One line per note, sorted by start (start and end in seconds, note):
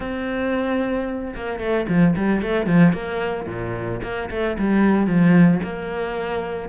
0.00 1.34 C4
1.35 1.59 A#3
1.59 1.86 A3
1.88 2.15 F3
2.16 2.42 G3
2.42 2.66 A3
2.66 2.92 F3
2.92 3.46 A#3
3.47 4.01 A#2
4.02 4.29 A#3
4.30 4.57 A3
4.58 5.06 G3
5.06 5.60 F3
5.63 6.68 A#3